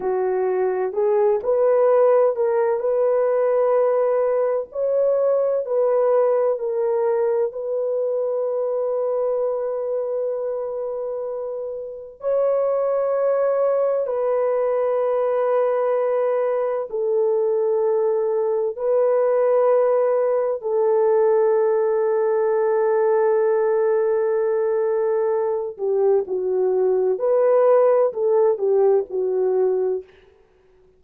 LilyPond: \new Staff \with { instrumentName = "horn" } { \time 4/4 \tempo 4 = 64 fis'4 gis'8 b'4 ais'8 b'4~ | b'4 cis''4 b'4 ais'4 | b'1~ | b'4 cis''2 b'4~ |
b'2 a'2 | b'2 a'2~ | a'2.~ a'8 g'8 | fis'4 b'4 a'8 g'8 fis'4 | }